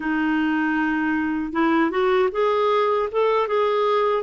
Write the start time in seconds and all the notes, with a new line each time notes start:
0.00 D#4
1.52 E4
1.91 F#4
2.32 G#4
3.11 A4
3.47 G#4